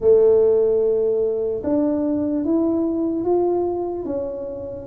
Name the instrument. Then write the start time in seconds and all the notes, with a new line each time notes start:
tuba
0.00 A3
1.63 D4
2.45 E4
3.24 F4
4.05 C#4